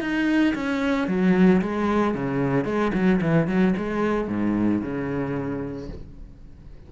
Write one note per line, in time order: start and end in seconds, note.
0.00 0.54 D#4
0.54 1.07 C#4
1.07 1.61 F#3
1.61 2.14 G#3
2.14 2.64 C#3
2.64 2.91 G#3
2.93 3.20 F#3
3.21 3.47 E3
3.47 3.74 F#3
3.77 4.28 G#3
4.28 4.81 G#2
4.81 5.88 C#3